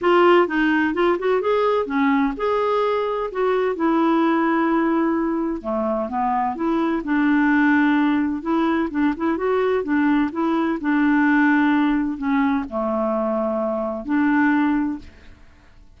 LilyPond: \new Staff \with { instrumentName = "clarinet" } { \time 4/4 \tempo 4 = 128 f'4 dis'4 f'8 fis'8 gis'4 | cis'4 gis'2 fis'4 | e'1 | a4 b4 e'4 d'4~ |
d'2 e'4 d'8 e'8 | fis'4 d'4 e'4 d'4~ | d'2 cis'4 a4~ | a2 d'2 | }